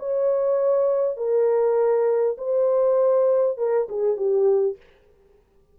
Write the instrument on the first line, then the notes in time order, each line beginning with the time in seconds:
horn
0.00 C#5
1.17 A#4
2.38 C5
3.58 A#4
3.89 G#4
4.17 G4